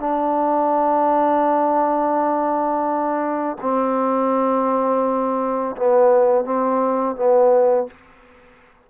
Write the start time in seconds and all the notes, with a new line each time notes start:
0.00 D4
3.62 C4
5.76 B3
6.45 C4
7.16 B3